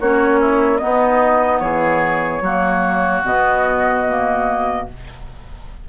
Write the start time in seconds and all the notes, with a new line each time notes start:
0.00 A#3 C#4 F#4 C#5
0.41 E4
0.78 B3 D#4 D#5
0.84 B3
1.60 E3 G#4 C#5
2.41 F#3 A#3 F#4
3.24 B2 B3 D#5
4.08 A#3